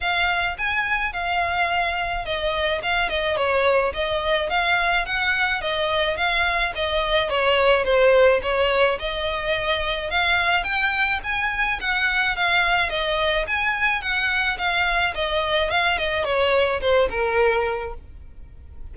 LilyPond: \new Staff \with { instrumentName = "violin" } { \time 4/4 \tempo 4 = 107 f''4 gis''4 f''2 | dis''4 f''8 dis''8 cis''4 dis''4 | f''4 fis''4 dis''4 f''4 | dis''4 cis''4 c''4 cis''4 |
dis''2 f''4 g''4 | gis''4 fis''4 f''4 dis''4 | gis''4 fis''4 f''4 dis''4 | f''8 dis''8 cis''4 c''8 ais'4. | }